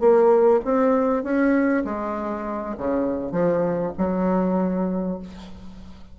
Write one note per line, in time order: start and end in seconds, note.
0.00 0.61 A#3
0.65 1.24 C4
1.24 1.84 C#4
1.85 2.76 G#3
2.78 3.32 C#3
3.32 3.93 F3
3.98 5.20 F#3